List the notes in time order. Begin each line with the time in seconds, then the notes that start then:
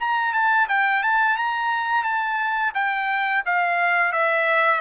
0.00 A#5
0.34 A5
0.69 G5
1.03 A5
1.37 A#5
2.03 A5
2.74 G5
3.45 F5
4.13 E5